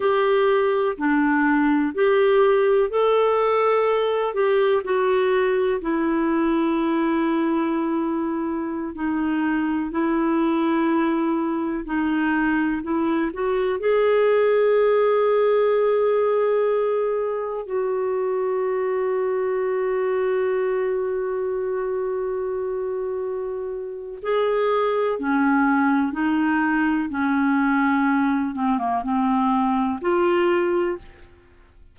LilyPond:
\new Staff \with { instrumentName = "clarinet" } { \time 4/4 \tempo 4 = 62 g'4 d'4 g'4 a'4~ | a'8 g'8 fis'4 e'2~ | e'4~ e'16 dis'4 e'4.~ e'16~ | e'16 dis'4 e'8 fis'8 gis'4.~ gis'16~ |
gis'2~ gis'16 fis'4.~ fis'16~ | fis'1~ | fis'4 gis'4 cis'4 dis'4 | cis'4. c'16 ais16 c'4 f'4 | }